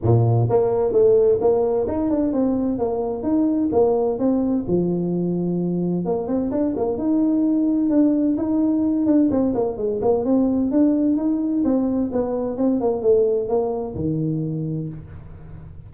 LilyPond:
\new Staff \with { instrumentName = "tuba" } { \time 4/4 \tempo 4 = 129 ais,4 ais4 a4 ais4 | dis'8 d'8 c'4 ais4 dis'4 | ais4 c'4 f2~ | f4 ais8 c'8 d'8 ais8 dis'4~ |
dis'4 d'4 dis'4. d'8 | c'8 ais8 gis8 ais8 c'4 d'4 | dis'4 c'4 b4 c'8 ais8 | a4 ais4 dis2 | }